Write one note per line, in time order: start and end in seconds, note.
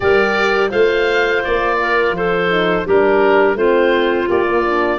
0.00 0.72 G3
0.00 0.70 G4
0.00 0.69 A#4
0.00 0.70 D5
0.69 1.44 A3
0.69 2.48 F4
0.69 1.76 C5
0.69 1.43 F5
1.44 2.11 A#3
1.44 2.15 D5
1.81 2.16 A#4
2.11 2.82 F3
2.11 2.86 A4
2.11 2.87 C5
2.50 2.86 D#4
2.86 3.55 G3
2.86 3.56 D4
2.86 3.57 G4
2.86 3.57 A#4
3.55 4.26 A3
3.55 4.28 C4
3.55 4.98 F4
3.55 4.28 C5
4.28 4.98 A#3
4.28 4.46 G4
4.28 4.98 D5
4.47 4.64 A#3
4.65 4.98 D4